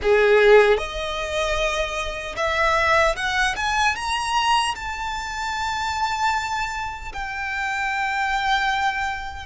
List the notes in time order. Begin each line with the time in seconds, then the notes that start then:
0.02 G#4
0.77 D#5
2.36 E5
3.15 F#5
3.56 G#5
3.95 A#5
4.75 A5
7.12 G5